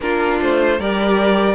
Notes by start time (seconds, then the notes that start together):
0.00 A#3 D4 F4 A#4
0.40 A3 C5
0.78 G3 G4 A#4 D5